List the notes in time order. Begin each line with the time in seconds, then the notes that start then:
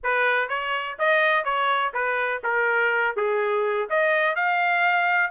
0.03 B4
0.48 C#5
0.99 D#5
1.44 C#5
1.93 B4
2.43 A#4
3.16 G#4
3.89 D#5
4.35 F5